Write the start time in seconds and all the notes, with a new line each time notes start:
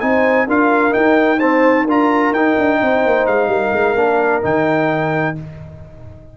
0.00 C4 D#4 C5 G#5
0.46 D4 F4 A#4 F5
0.91 D#4 G5
1.39 C4 C5 A5
1.85 D4 F4 A#4 A#5
2.31 D#4 G5
2.58 D4
2.82 C4 C5
3.05 A#3
3.26 G#3 F5
3.47 G3 A#4
3.73 G#3
3.95 A#3 D4
4.42 D#3 D#4 G5